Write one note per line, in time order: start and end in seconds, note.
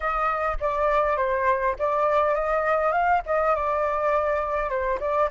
0.00 0.57 D#5
0.60 1.17 D5
1.17 1.75 C5
1.78 2.34 D5
2.34 2.92 D#5
2.92 3.21 F5
3.25 3.55 D#5
3.55 4.69 D5
4.69 4.98 C5
5.00 5.29 D5